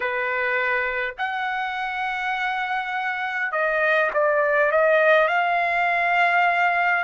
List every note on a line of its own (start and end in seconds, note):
0.00 1.15 B4
1.18 3.52 F#5
3.52 4.11 D#5
4.13 4.71 D5
4.71 5.28 D#5
5.28 7.03 F5